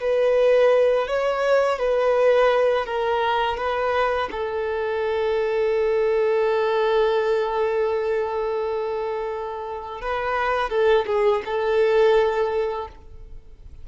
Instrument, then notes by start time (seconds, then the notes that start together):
violin
0.00 B4
1.07 C#5
1.79 B4
2.85 A#4
3.57 B4
4.31 A4
10.01 B4
10.69 A4
11.06 G#4
11.44 A4